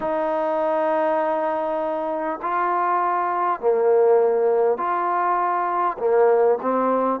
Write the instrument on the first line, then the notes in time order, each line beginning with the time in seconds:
trombone
0.00 D#4
2.42 F4
3.60 A#3
4.77 F4
5.98 A#3
6.61 C4